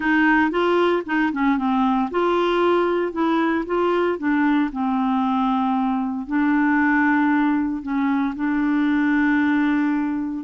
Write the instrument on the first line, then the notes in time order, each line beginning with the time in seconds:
clarinet
0.00 D#4
0.50 F4
1.06 D#4
1.32 C#4
1.57 C4
2.10 F4
3.12 E4
3.66 F4
4.18 D4
4.72 C4
6.26 D4
7.82 C#4
8.35 D4